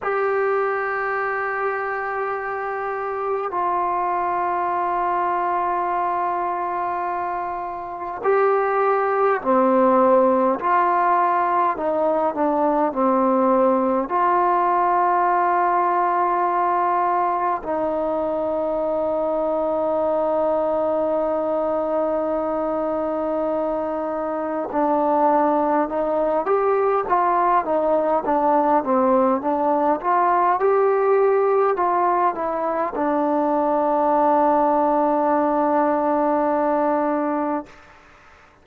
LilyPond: \new Staff \with { instrumentName = "trombone" } { \time 4/4 \tempo 4 = 51 g'2. f'4~ | f'2. g'4 | c'4 f'4 dis'8 d'8 c'4 | f'2. dis'4~ |
dis'1~ | dis'4 d'4 dis'8 g'8 f'8 dis'8 | d'8 c'8 d'8 f'8 g'4 f'8 e'8 | d'1 | }